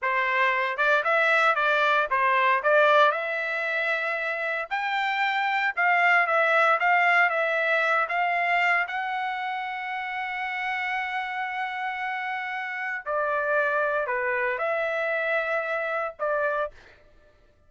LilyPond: \new Staff \with { instrumentName = "trumpet" } { \time 4/4 \tempo 4 = 115 c''4. d''8 e''4 d''4 | c''4 d''4 e''2~ | e''4 g''2 f''4 | e''4 f''4 e''4. f''8~ |
f''4 fis''2.~ | fis''1~ | fis''4 d''2 b'4 | e''2. d''4 | }